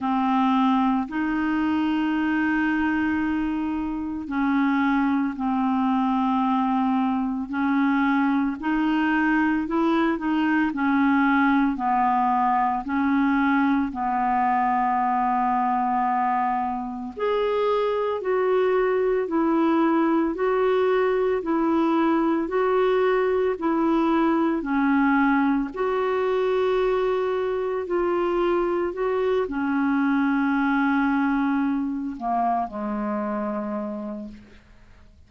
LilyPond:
\new Staff \with { instrumentName = "clarinet" } { \time 4/4 \tempo 4 = 56 c'4 dis'2. | cis'4 c'2 cis'4 | dis'4 e'8 dis'8 cis'4 b4 | cis'4 b2. |
gis'4 fis'4 e'4 fis'4 | e'4 fis'4 e'4 cis'4 | fis'2 f'4 fis'8 cis'8~ | cis'2 ais8 gis4. | }